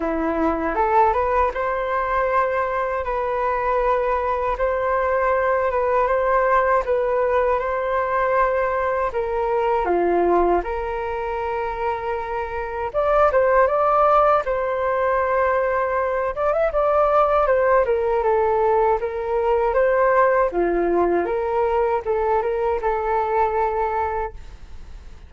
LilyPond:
\new Staff \with { instrumentName = "flute" } { \time 4/4 \tempo 4 = 79 e'4 a'8 b'8 c''2 | b'2 c''4. b'8 | c''4 b'4 c''2 | ais'4 f'4 ais'2~ |
ais'4 d''8 c''8 d''4 c''4~ | c''4. d''16 e''16 d''4 c''8 ais'8 | a'4 ais'4 c''4 f'4 | ais'4 a'8 ais'8 a'2 | }